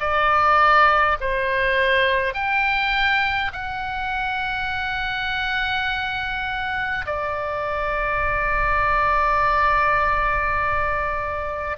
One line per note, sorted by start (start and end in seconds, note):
0.00 1.18 D5
1.20 2.34 C5
2.34 3.51 G5
3.53 7.06 F#5
7.06 11.76 D5